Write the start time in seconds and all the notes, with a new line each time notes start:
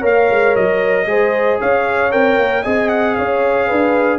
0.00 A#3 A#4 C#5 F5
0.30 G#3
0.56 F#3 D#5
1.06 G#3 G#4 C5
1.60 C#4 C#5 F5
2.11 C4 A#4 G5
2.38 A#3
2.63 C4 G#4 D#5 G#5
2.89 F#5
3.16 C#4 C#5 F5
3.68 D4 B4